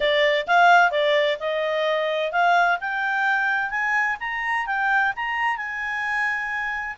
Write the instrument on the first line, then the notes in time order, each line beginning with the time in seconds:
clarinet
0.00 D5
0.47 F5
0.91 D5
1.39 D#5
2.32 F5
2.80 G5
3.70 G#5
4.20 A#5
4.66 G5
5.15 A#5
5.57 G#5